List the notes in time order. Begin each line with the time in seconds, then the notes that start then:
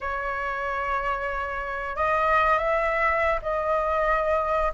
0.00 C#5
1.96 D#5
2.58 E5
3.42 D#5